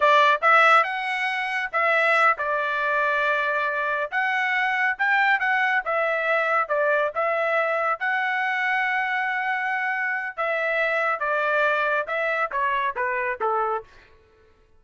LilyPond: \new Staff \with { instrumentName = "trumpet" } { \time 4/4 \tempo 4 = 139 d''4 e''4 fis''2 | e''4. d''2~ d''8~ | d''4. fis''2 g''8~ | g''8 fis''4 e''2 d''8~ |
d''8 e''2 fis''4.~ | fis''1 | e''2 d''2 | e''4 cis''4 b'4 a'4 | }